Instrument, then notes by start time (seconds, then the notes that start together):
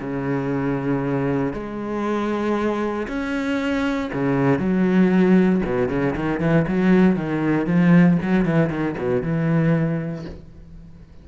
cello
0.00 C#3
1.53 G#3
3.07 C#4
4.13 C#3
4.59 F#3
5.65 B2
5.88 C#3
6.15 D#3
6.40 E3
6.67 F#3
7.16 D#3
7.66 F3
8.22 F#3
8.45 E3
8.69 D#3
8.98 B2
9.22 E3